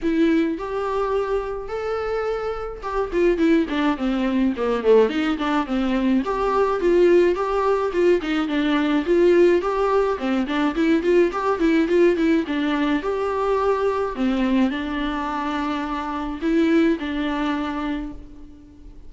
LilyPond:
\new Staff \with { instrumentName = "viola" } { \time 4/4 \tempo 4 = 106 e'4 g'2 a'4~ | a'4 g'8 f'8 e'8 d'8 c'4 | ais8 a8 dis'8 d'8 c'4 g'4 | f'4 g'4 f'8 dis'8 d'4 |
f'4 g'4 c'8 d'8 e'8 f'8 | g'8 e'8 f'8 e'8 d'4 g'4~ | g'4 c'4 d'2~ | d'4 e'4 d'2 | }